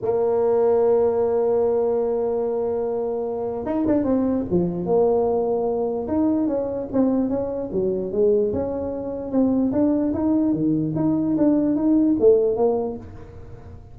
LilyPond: \new Staff \with { instrumentName = "tuba" } { \time 4/4 \tempo 4 = 148 ais1~ | ais1~ | ais4 dis'8 d'8 c'4 f4 | ais2. dis'4 |
cis'4 c'4 cis'4 fis4 | gis4 cis'2 c'4 | d'4 dis'4 dis4 dis'4 | d'4 dis'4 a4 ais4 | }